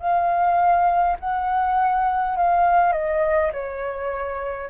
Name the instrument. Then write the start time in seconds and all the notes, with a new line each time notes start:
flute
0.00 F5
1.20 F#5
2.37 F5
2.93 D#5
3.53 C#5